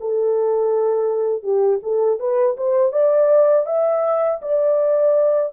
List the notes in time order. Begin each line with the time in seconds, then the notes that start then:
0.00 A4
1.43 G4
1.83 A4
2.19 B4
2.57 C5
2.92 D5
3.66 E5
4.42 D5